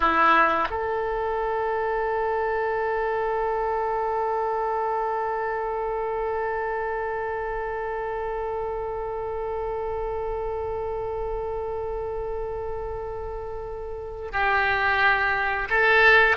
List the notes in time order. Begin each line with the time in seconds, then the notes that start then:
0.00 E4
0.70 A4
14.32 G4
15.70 A4